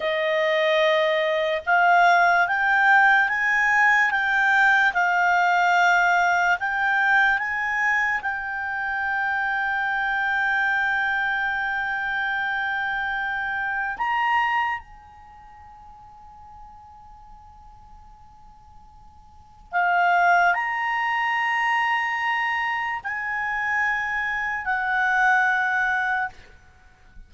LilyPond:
\new Staff \with { instrumentName = "clarinet" } { \time 4/4 \tempo 4 = 73 dis''2 f''4 g''4 | gis''4 g''4 f''2 | g''4 gis''4 g''2~ | g''1~ |
g''4 ais''4 gis''2~ | gis''1 | f''4 ais''2. | gis''2 fis''2 | }